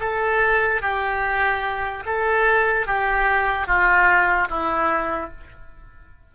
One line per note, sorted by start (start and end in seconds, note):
0.00 0.81 A4
0.81 2.04 G4
2.06 2.86 A4
2.86 3.67 G4
3.67 4.48 F4
4.49 5.30 E4